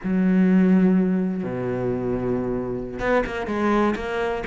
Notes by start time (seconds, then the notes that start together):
0.03 F#3
1.43 B2
2.99 B3
3.26 A#3
3.47 G#3
3.95 A#3